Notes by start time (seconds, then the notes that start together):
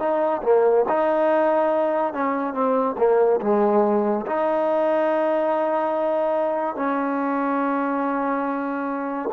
0.00 D#4
0.43 A#3
0.89 D#4
2.14 C#4
2.54 C4
2.98 A#3
3.42 G#3
4.27 D#4
6.76 C#4